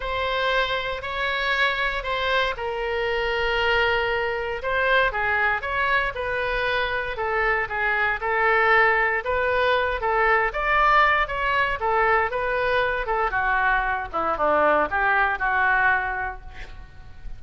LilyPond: \new Staff \with { instrumentName = "oboe" } { \time 4/4 \tempo 4 = 117 c''2 cis''2 | c''4 ais'2.~ | ais'4 c''4 gis'4 cis''4 | b'2 a'4 gis'4 |
a'2 b'4. a'8~ | a'8 d''4. cis''4 a'4 | b'4. a'8 fis'4. e'8 | d'4 g'4 fis'2 | }